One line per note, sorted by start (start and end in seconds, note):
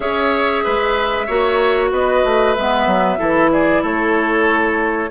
0.00 0.63 C#4
0.00 1.27 G#4
0.00 0.64 C#5
0.00 1.88 E5
0.64 1.29 G#3
0.64 1.26 B4
1.26 1.91 A#3
1.26 2.55 F#4
1.26 1.90 C#5
1.91 2.23 B3
1.91 3.18 B4
1.91 2.54 D#5
2.24 2.56 A3
2.54 2.86 G#3
2.54 3.17 B3
2.54 3.50 E5
2.86 3.18 F#3
3.17 3.82 E3
3.17 5.09 E4
3.17 3.50 A4
3.51 3.82 G#4
3.51 3.83 D5
3.82 5.10 A3
3.82 5.10 A4
3.82 5.10 C#5